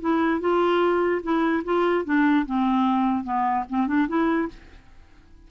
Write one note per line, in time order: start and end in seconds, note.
0.00 0.40 E4
0.40 1.21 F4
1.22 1.63 E4
1.64 2.05 F4
2.05 2.45 D4
2.46 3.24 C4
3.24 3.64 B3
3.69 3.87 C4
3.87 4.07 D4
4.08 4.48 E4